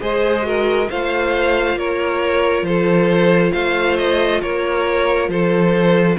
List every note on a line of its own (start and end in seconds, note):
0.00 0.89 G#3
0.00 0.42 G#4
0.00 0.46 C5
0.00 0.90 D#5
0.42 0.87 F#4
0.42 0.90 A#4
0.90 1.75 A3
0.90 6.18 F4
0.90 1.78 C5
0.90 1.78 F5
1.75 2.62 A#3
1.75 2.66 A#4
1.75 2.65 C#5
2.62 3.50 F3
2.62 3.52 A4
2.62 3.52 C5
3.52 4.42 A3
3.52 4.40 C5
3.52 3.96 F5
3.97 4.41 D#5
4.41 5.28 A#3
4.41 5.30 A#4
4.41 5.29 C#5
5.28 6.17 F3
5.28 6.18 A4
5.28 6.18 C5